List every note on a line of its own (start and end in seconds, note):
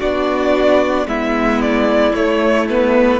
0.00 1.06 B3
0.00 1.07 D4
0.00 1.07 F#4
0.00 1.07 D5
1.06 2.13 G#3
1.06 2.15 B3
1.06 3.20 E4
1.06 1.61 E5
1.61 2.14 D5
2.14 2.69 A3
2.14 3.20 A3
2.14 2.67 C#5
2.70 3.20 B3
2.70 3.20 B4